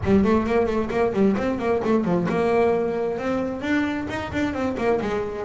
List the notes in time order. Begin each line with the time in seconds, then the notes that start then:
0.04 G3
0.24 A3
0.46 A#3
0.66 A3
0.90 A#3
1.13 G3
1.37 C4
1.58 A#3
1.83 A3
2.04 F3
2.28 A#3
3.18 C4
3.61 D4
4.09 D#4
4.32 D4
4.53 C4
4.77 A#3
5.01 G#3